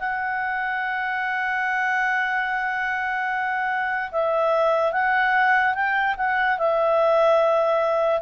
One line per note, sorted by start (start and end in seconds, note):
0.00 4.11 F#5
4.12 4.93 E5
4.93 5.74 F#5
5.74 6.15 G5
6.17 6.58 F#5
6.59 8.22 E5